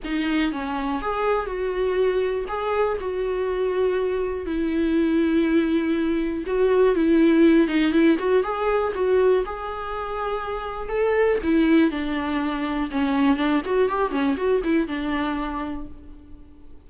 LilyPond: \new Staff \with { instrumentName = "viola" } { \time 4/4 \tempo 4 = 121 dis'4 cis'4 gis'4 fis'4~ | fis'4 gis'4 fis'2~ | fis'4 e'2.~ | e'4 fis'4 e'4. dis'8 |
e'8 fis'8 gis'4 fis'4 gis'4~ | gis'2 a'4 e'4 | d'2 cis'4 d'8 fis'8 | g'8 cis'8 fis'8 e'8 d'2 | }